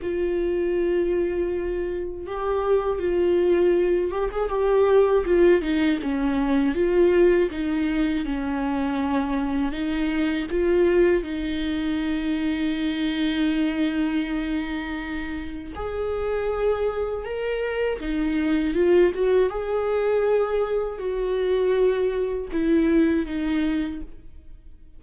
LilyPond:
\new Staff \with { instrumentName = "viola" } { \time 4/4 \tempo 4 = 80 f'2. g'4 | f'4. g'16 gis'16 g'4 f'8 dis'8 | cis'4 f'4 dis'4 cis'4~ | cis'4 dis'4 f'4 dis'4~ |
dis'1~ | dis'4 gis'2 ais'4 | dis'4 f'8 fis'8 gis'2 | fis'2 e'4 dis'4 | }